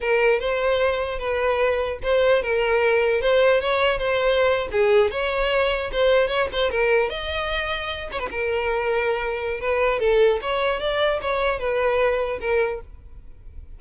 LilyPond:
\new Staff \with { instrumentName = "violin" } { \time 4/4 \tempo 4 = 150 ais'4 c''2 b'4~ | b'4 c''4 ais'2 | c''4 cis''4 c''4.~ c''16 gis'16~ | gis'8. cis''2 c''4 cis''16~ |
cis''16 c''8 ais'4 dis''2~ dis''16~ | dis''16 cis''16 b'16 ais'2.~ ais'16 | b'4 a'4 cis''4 d''4 | cis''4 b'2 ais'4 | }